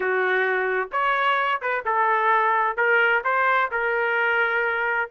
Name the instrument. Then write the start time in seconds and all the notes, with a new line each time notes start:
trumpet
0.00 F#4
0.92 C#5
1.61 B4
1.85 A4
2.76 A#4
3.24 C5
3.71 A#4